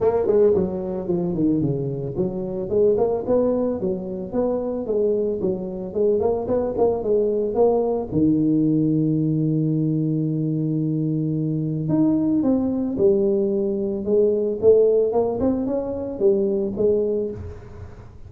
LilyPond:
\new Staff \with { instrumentName = "tuba" } { \time 4/4 \tempo 4 = 111 ais8 gis8 fis4 f8 dis8 cis4 | fis4 gis8 ais8 b4 fis4 | b4 gis4 fis4 gis8 ais8 | b8 ais8 gis4 ais4 dis4~ |
dis1~ | dis2 dis'4 c'4 | g2 gis4 a4 | ais8 c'8 cis'4 g4 gis4 | }